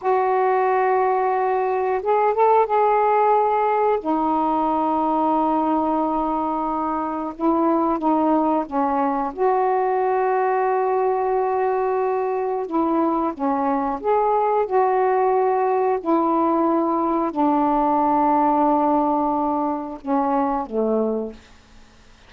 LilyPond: \new Staff \with { instrumentName = "saxophone" } { \time 4/4 \tempo 4 = 90 fis'2. gis'8 a'8 | gis'2 dis'2~ | dis'2. e'4 | dis'4 cis'4 fis'2~ |
fis'2. e'4 | cis'4 gis'4 fis'2 | e'2 d'2~ | d'2 cis'4 a4 | }